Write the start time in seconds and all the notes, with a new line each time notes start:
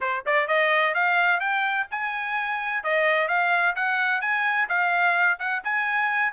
0.01 C5
0.26 D5
0.47 D#5
0.94 F5
1.39 G5
1.90 G#5
2.83 D#5
3.28 F5
3.75 F#5
4.21 G#5
4.68 F5
5.39 F#5
5.64 G#5